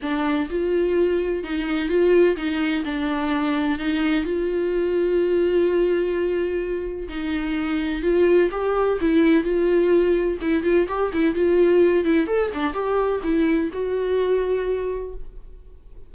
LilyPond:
\new Staff \with { instrumentName = "viola" } { \time 4/4 \tempo 4 = 127 d'4 f'2 dis'4 | f'4 dis'4 d'2 | dis'4 f'2.~ | f'2. dis'4~ |
dis'4 f'4 g'4 e'4 | f'2 e'8 f'8 g'8 e'8 | f'4. e'8 a'8 d'8 g'4 | e'4 fis'2. | }